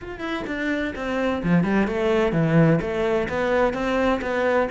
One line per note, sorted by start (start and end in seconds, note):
0.01 0.20 F4
0.20 0.43 E4
0.46 0.93 D4
0.95 1.42 C4
1.43 1.63 F3
1.63 1.87 G3
1.87 2.32 A3
2.32 2.79 E3
2.81 3.28 A3
3.28 3.73 B3
3.73 4.20 C4
4.21 4.68 B3